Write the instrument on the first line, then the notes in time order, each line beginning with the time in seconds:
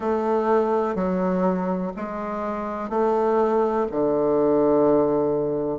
bassoon
0.00 A3
0.95 F#3
1.96 G#3
2.89 A3
3.91 D3